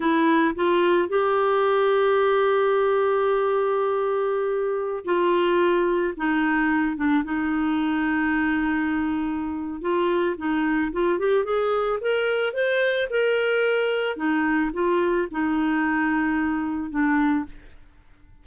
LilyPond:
\new Staff \with { instrumentName = "clarinet" } { \time 4/4 \tempo 4 = 110 e'4 f'4 g'2~ | g'1~ | g'4~ g'16 f'2 dis'8.~ | dis'8. d'8 dis'2~ dis'8.~ |
dis'2 f'4 dis'4 | f'8 g'8 gis'4 ais'4 c''4 | ais'2 dis'4 f'4 | dis'2. d'4 | }